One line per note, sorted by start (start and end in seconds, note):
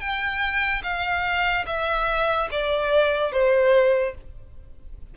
0.00 0.82 G5
0.83 1.66 F5
1.67 2.49 E5
2.51 3.33 D5
3.33 4.15 C5